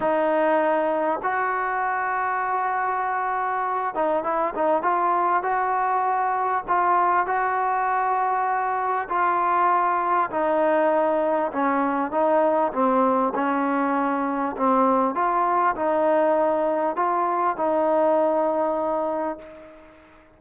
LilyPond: \new Staff \with { instrumentName = "trombone" } { \time 4/4 \tempo 4 = 99 dis'2 fis'2~ | fis'2~ fis'8 dis'8 e'8 dis'8 | f'4 fis'2 f'4 | fis'2. f'4~ |
f'4 dis'2 cis'4 | dis'4 c'4 cis'2 | c'4 f'4 dis'2 | f'4 dis'2. | }